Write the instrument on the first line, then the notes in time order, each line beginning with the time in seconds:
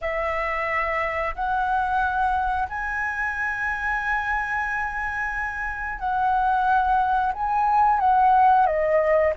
flute
0.01 E5
1.35 F#5
2.68 G#5
5.98 F#5
7.33 G#5
7.99 F#5
8.66 D#5